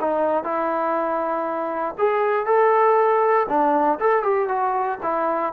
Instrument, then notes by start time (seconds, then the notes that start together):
trombone
0.00 D#4
0.43 E4
1.98 G#4
2.45 A4
3.48 D4
3.99 A4
4.23 G4
4.48 F#4
5.02 E4